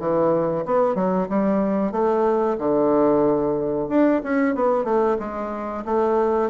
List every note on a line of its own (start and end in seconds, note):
0.00 0.65 E3
0.66 0.96 B3
0.96 1.28 F#3
1.30 1.92 G3
1.92 2.58 A3
2.59 3.89 D3
3.89 4.22 D4
4.24 4.56 C#4
4.56 4.85 B3
4.85 5.17 A3
5.20 5.85 G#3
5.85 6.51 A3